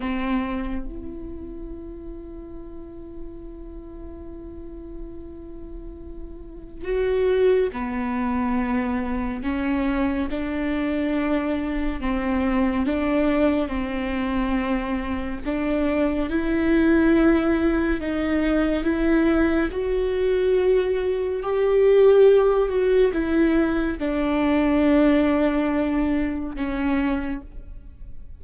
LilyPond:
\new Staff \with { instrumentName = "viola" } { \time 4/4 \tempo 4 = 70 c'4 e'2.~ | e'1 | fis'4 b2 cis'4 | d'2 c'4 d'4 |
c'2 d'4 e'4~ | e'4 dis'4 e'4 fis'4~ | fis'4 g'4. fis'8 e'4 | d'2. cis'4 | }